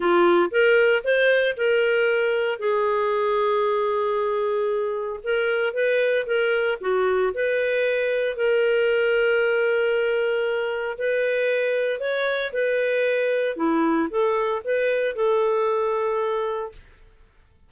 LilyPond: \new Staff \with { instrumentName = "clarinet" } { \time 4/4 \tempo 4 = 115 f'4 ais'4 c''4 ais'4~ | ais'4 gis'2.~ | gis'2 ais'4 b'4 | ais'4 fis'4 b'2 |
ais'1~ | ais'4 b'2 cis''4 | b'2 e'4 a'4 | b'4 a'2. | }